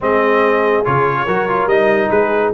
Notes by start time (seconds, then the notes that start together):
0.00 G#3 C4 G#4 D#5
0.84 C#3 F4 C#5
1.25 F#3 F#4 A#4
1.49 F4
1.66 G3 D#4 D#5
2.09 G#3 G#4 B4